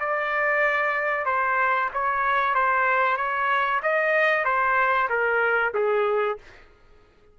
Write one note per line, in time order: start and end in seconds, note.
0.00 1.26 D5
1.26 1.90 C5
1.94 2.55 C#5
2.55 3.17 C5
3.17 3.81 C#5
3.83 4.45 D#5
4.45 5.09 C5
5.09 5.73 A#4
5.75 6.39 G#4